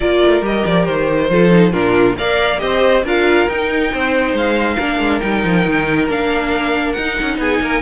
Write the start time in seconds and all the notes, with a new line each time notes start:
0.00 A#3 F4 A#4 D5
0.25 A3
0.41 G3 G4 D#5
0.65 F3 D5
0.85 D#3 C5
1.29 F3 F4 A4
1.50 D#4
1.72 A#2 D4 F4 A#4
2.18 A#3 A#4 D5 F5
2.58 C4 G4 C5 D#5
3.03 D4 F4 A#4 F5
3.49 D#4 G5
3.93 C4 C5
4.33 G#3 F5
4.75 A#3 D4 A#4
4.99 G#3
5.20 G3 D#4 G5
5.44 F3
5.65 D#3
6.08 A#3 D4 F5
6.92 D#4 F#5
7.21 C#4
7.37 B3 G#4 G#5
7.61 A#3 A#4